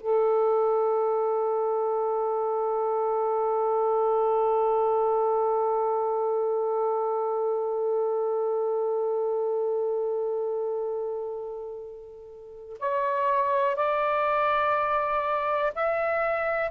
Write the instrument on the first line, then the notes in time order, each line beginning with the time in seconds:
saxophone
0.00 A4
12.80 C#5
13.76 D5
15.75 E5